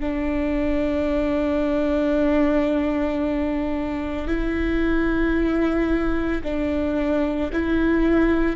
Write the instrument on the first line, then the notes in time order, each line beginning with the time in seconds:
viola
0.00 D4
4.28 E4
6.43 D4
7.52 E4